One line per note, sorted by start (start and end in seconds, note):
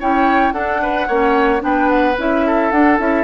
0.00 0.53 C#4
0.00 0.54 E4
0.00 0.54 C#5
0.00 0.52 G5
0.52 1.07 D4
0.52 1.08 D4
0.52 0.81 A4
0.52 1.62 F#5
0.82 1.07 B4
1.07 1.62 A#3
1.07 1.59 C#4
1.07 1.62 C#5
1.59 2.17 B3
1.59 2.14 D4
1.59 2.46 B4
1.59 1.89 G5
1.89 2.16 F#5
2.18 2.71 C#4
2.18 2.73 E4
2.18 2.71 E5
2.46 3.24 A4
2.71 2.99 D4
2.71 2.98 F#5
2.99 3.24 C#4
2.99 3.24 E4
2.99 3.24 E5